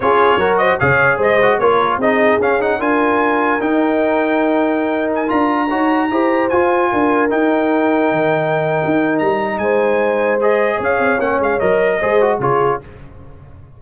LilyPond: <<
  \new Staff \with { instrumentName = "trumpet" } { \time 4/4 \tempo 4 = 150 cis''4. dis''8 f''4 dis''4 | cis''4 dis''4 f''8 fis''8 gis''4~ | gis''4 g''2.~ | g''8. gis''8 ais''2~ ais''8.~ |
ais''16 gis''2 g''4.~ g''16~ | g''2. ais''4 | gis''2 dis''4 f''4 | fis''8 f''8 dis''2 cis''4 | }
  \new Staff \with { instrumentName = "horn" } { \time 4/4 gis'4 ais'8 c''8 cis''4 c''4 | ais'4 gis'2 ais'4~ | ais'1~ | ais'2~ ais'16 cis''4 c''8.~ |
c''4~ c''16 ais'2~ ais'8.~ | ais'1 | c''2. cis''4~ | cis''2 c''4 gis'4 | }
  \new Staff \with { instrumentName = "trombone" } { \time 4/4 f'4 fis'4 gis'4. fis'8 | f'4 dis'4 cis'8 dis'8 f'4~ | f'4 dis'2.~ | dis'4~ dis'16 f'4 fis'4 g'8.~ |
g'16 f'2 dis'4.~ dis'16~ | dis'1~ | dis'2 gis'2 | cis'4 ais'4 gis'8 fis'8 f'4 | }
  \new Staff \with { instrumentName = "tuba" } { \time 4/4 cis'4 fis4 cis4 gis4 | ais4 c'4 cis'4 d'4~ | d'4 dis'2.~ | dis'4~ dis'16 d'4 dis'4 e'8.~ |
e'16 f'4 d'4 dis'4.~ dis'16~ | dis'16 dis4.~ dis16 dis'4 g4 | gis2. cis'8 c'8 | ais8 gis8 fis4 gis4 cis4 | }
>>